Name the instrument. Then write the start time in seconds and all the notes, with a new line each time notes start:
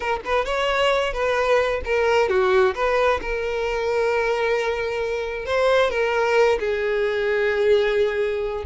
violin
0.00 A#4
0.24 B4
0.45 C#5
1.13 B4
1.84 A#4
2.29 F#4
2.74 B4
3.21 A#4
5.45 C5
5.90 A#4
6.59 G#4